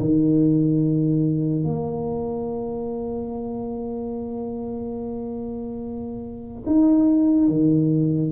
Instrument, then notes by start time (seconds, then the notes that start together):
tuba
0.00 D#3
1.64 A#3
6.66 D#4
7.48 D#3